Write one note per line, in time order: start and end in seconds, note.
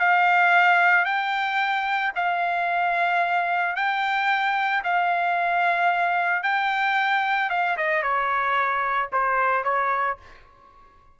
0.00 1.05 F5
1.05 2.13 G5
2.16 3.76 F5
3.76 4.83 G5
4.84 6.43 F5
6.43 7.50 G5
7.50 7.77 F5
7.78 8.03 D#5
8.03 9.10 C#5
9.13 9.64 C5
9.64 10.18 C#5